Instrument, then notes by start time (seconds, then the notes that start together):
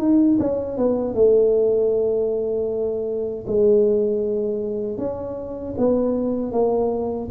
tuba
0.00 D#4
0.40 C#4
0.78 B3
1.15 A3
3.47 G#3
4.98 C#4
5.78 B3
6.52 A#3